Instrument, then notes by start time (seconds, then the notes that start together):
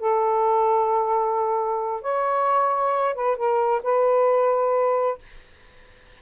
saxophone
0.00 A4
2.02 C#5
3.15 B4
3.37 A#4
3.83 B4